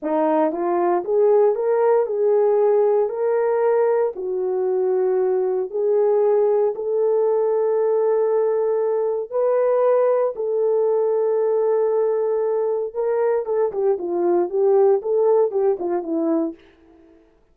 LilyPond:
\new Staff \with { instrumentName = "horn" } { \time 4/4 \tempo 4 = 116 dis'4 f'4 gis'4 ais'4 | gis'2 ais'2 | fis'2. gis'4~ | gis'4 a'2.~ |
a'2 b'2 | a'1~ | a'4 ais'4 a'8 g'8 f'4 | g'4 a'4 g'8 f'8 e'4 | }